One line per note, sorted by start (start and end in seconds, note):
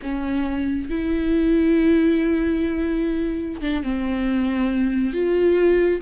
0.02 0.89 C#4
0.89 3.61 E4
3.61 3.83 D4
3.83 5.13 C4
5.13 6.01 F4